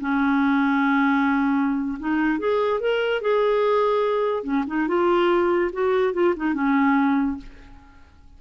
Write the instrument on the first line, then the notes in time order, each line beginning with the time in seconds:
clarinet
0.00 C#4
1.99 D#4
2.39 G#4
2.80 A#4
3.21 G#4
4.43 C#4
4.67 D#4
4.87 F4
5.73 F#4
6.13 F4
6.36 D#4
6.54 C#4